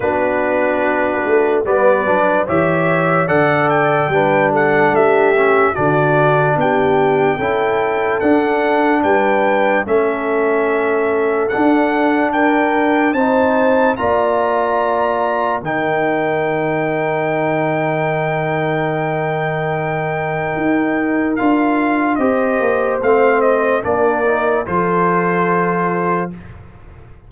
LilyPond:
<<
  \new Staff \with { instrumentName = "trumpet" } { \time 4/4 \tempo 4 = 73 b'2 d''4 e''4 | fis''8 g''4 fis''8 e''4 d''4 | g''2 fis''4 g''4 | e''2 fis''4 g''4 |
a''4 ais''2 g''4~ | g''1~ | g''2 f''4 dis''4 | f''8 dis''8 d''4 c''2 | }
  \new Staff \with { instrumentName = "horn" } { \time 4/4 fis'2 b'4 cis''4 | d''4 b'8 a'8 g'4 fis'4 | g'4 a'2 b'4 | a'2. ais'4 |
c''4 d''2 ais'4~ | ais'1~ | ais'2. c''4~ | c''4 ais'4 a'2 | }
  \new Staff \with { instrumentName = "trombone" } { \time 4/4 d'2 b8 d'8 g'4 | a'4 d'4. cis'8 d'4~ | d'4 e'4 d'2 | cis'2 d'2 |
dis'4 f'2 dis'4~ | dis'1~ | dis'2 f'4 g'4 | c'4 d'8 dis'8 f'2 | }
  \new Staff \with { instrumentName = "tuba" } { \time 4/4 b4. a8 g8 fis8 e4 | d4 g4 a4 d4 | b4 cis'4 d'4 g4 | a2 d'2 |
c'4 ais2 dis4~ | dis1~ | dis4 dis'4 d'4 c'8 ais8 | a4 ais4 f2 | }
>>